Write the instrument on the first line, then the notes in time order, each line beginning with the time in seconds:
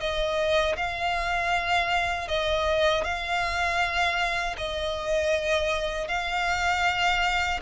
violin
0.00 D#5
0.76 F5
2.28 D#5
3.04 F5
4.57 D#5
6.08 F5